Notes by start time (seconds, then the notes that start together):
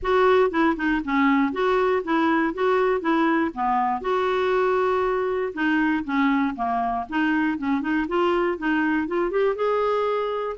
0.02 F#4
0.50 E4
0.76 D#4
1.04 C#4
1.52 F#4
2.04 E4
2.53 F#4
3.00 E4
3.54 B3
4.01 F#4
5.53 D#4
6.04 C#4
6.55 A#3
7.09 D#4
7.57 C#4
7.81 D#4
8.08 F4
8.58 D#4
9.07 F4
9.30 G4
9.55 G#4